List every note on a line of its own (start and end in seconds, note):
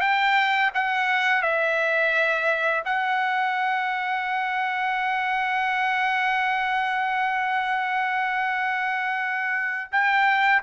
0.00 0.71 G5
0.73 1.42 F#5
1.42 2.83 E5
2.85 9.90 F#5
9.91 10.62 G5